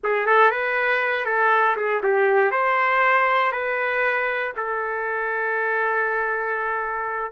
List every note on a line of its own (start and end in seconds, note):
0.03 0.26 G#4
0.26 0.50 A4
0.50 1.25 B4
1.25 1.75 A4
1.76 2.01 G#4
2.03 2.51 G4
2.51 3.52 C5
3.52 4.52 B4
4.56 7.31 A4